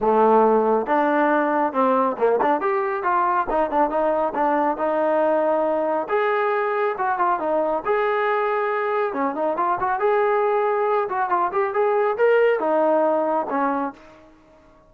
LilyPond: \new Staff \with { instrumentName = "trombone" } { \time 4/4 \tempo 4 = 138 a2 d'2 | c'4 ais8 d'8 g'4 f'4 | dis'8 d'8 dis'4 d'4 dis'4~ | dis'2 gis'2 |
fis'8 f'8 dis'4 gis'2~ | gis'4 cis'8 dis'8 f'8 fis'8 gis'4~ | gis'4. fis'8 f'8 g'8 gis'4 | ais'4 dis'2 cis'4 | }